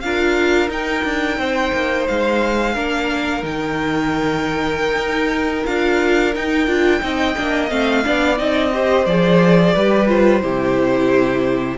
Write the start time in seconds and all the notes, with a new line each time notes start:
0.00 D4 F4 A#4 F5
0.69 D#4 G5
1.03 D4
1.37 C4 C5
1.72 A#3
2.07 G#3 F5
2.74 A#3 D4 A#4
3.42 D#3 D#4 G5
4.95 D#4
5.65 D4 F4 F5
6.34 D#4 G5
6.67 D4 F4
7.00 C4 D#4 D#5
7.36 A#3 D4
7.69 A3 C4 F5
8.03 B3 D4 D5
8.37 C4 D#4 D#5
8.73 G4 C5
9.05 F3 G#4 D5
9.74 G3 G4 B4
10.07 F4 C5
10.41 C3 E4 G4